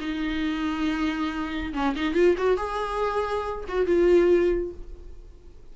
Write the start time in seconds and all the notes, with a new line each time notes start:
0.00 D#4
1.73 C#4
1.96 D#4
2.14 F4
2.38 F#4
2.57 G#4
3.68 F#4
3.86 F4